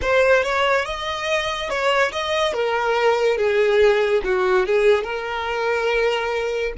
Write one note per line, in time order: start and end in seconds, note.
0.01 0.43 C5
0.43 0.85 C#5
0.85 1.69 D#5
1.69 2.11 C#5
2.11 2.53 D#5
2.53 3.37 A#4
3.37 4.21 G#4
4.23 4.66 F#4
4.66 5.03 G#4
5.03 6.72 A#4